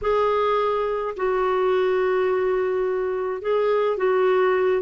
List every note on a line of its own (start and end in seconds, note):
0.01 1.14 G#4
1.16 3.41 F#4
3.41 3.97 G#4
3.97 4.82 F#4